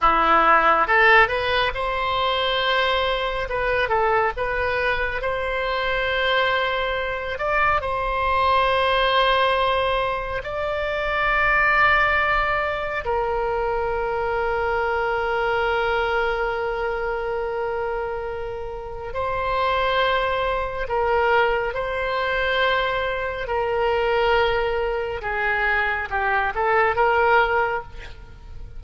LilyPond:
\new Staff \with { instrumentName = "oboe" } { \time 4/4 \tempo 4 = 69 e'4 a'8 b'8 c''2 | b'8 a'8 b'4 c''2~ | c''8 d''8 c''2. | d''2. ais'4~ |
ais'1~ | ais'2 c''2 | ais'4 c''2 ais'4~ | ais'4 gis'4 g'8 a'8 ais'4 | }